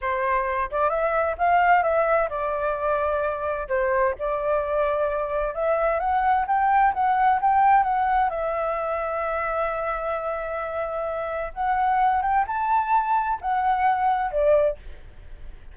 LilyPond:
\new Staff \with { instrumentName = "flute" } { \time 4/4 \tempo 4 = 130 c''4. d''8 e''4 f''4 | e''4 d''2. | c''4 d''2. | e''4 fis''4 g''4 fis''4 |
g''4 fis''4 e''2~ | e''1~ | e''4 fis''4. g''8 a''4~ | a''4 fis''2 d''4 | }